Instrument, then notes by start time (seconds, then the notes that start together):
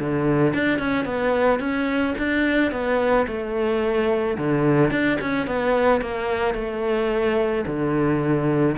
cello
0.00 D3
0.54 D4
0.79 C#4
1.06 B3
1.60 C#4
2.18 D4
2.72 B3
3.28 A3
4.38 D3
4.91 D4
5.21 C#4
5.47 B3
6.02 A#3
6.55 A3
7.67 D3